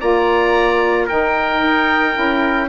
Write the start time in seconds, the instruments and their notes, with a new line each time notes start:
0.00 bassoon A#3, saxophone F4, trumpet D5, oboe A#5
1.06 bassoon D#3, saxophone D#4, trumpet A#4, oboe G5
1.62 bassoon D#4
2.14 bassoon C#4, saxophone E4